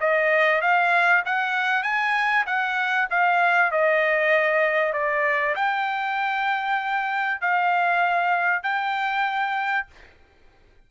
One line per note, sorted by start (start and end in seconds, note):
0.00 0.61 D#5
0.61 1.23 F5
1.25 1.83 F#5
1.83 2.45 G#5
2.46 3.08 F#5
3.10 3.71 F5
3.71 4.93 D#5
4.93 5.55 D5
5.55 7.41 G5
7.41 8.63 F5
8.63 9.86 G5